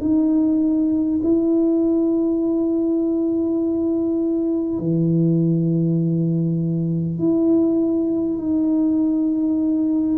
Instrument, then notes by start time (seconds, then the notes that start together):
tuba
0.00 D#4
1.23 E4
4.79 E3
7.18 E4
8.38 D#4